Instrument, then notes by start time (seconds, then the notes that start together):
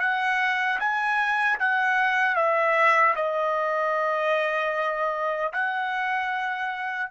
trumpet
0.00 F#5
0.79 G#5
1.59 F#5
2.35 E5
3.15 D#5
5.52 F#5